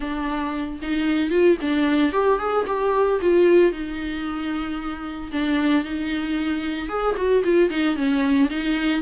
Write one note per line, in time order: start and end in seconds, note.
0.00 0.79 D4
0.82 1.30 D#4
1.30 1.57 F4
1.61 2.12 D4
2.12 2.38 G4
2.38 2.65 G#4
2.67 3.20 G4
3.21 3.72 F4
3.72 5.31 D#4
5.31 5.84 D4
5.84 6.88 D#4
6.88 7.15 G#4
7.16 7.43 F#4
7.43 7.70 F4
7.70 7.96 D#4
7.96 8.49 C#4
8.50 9.02 D#4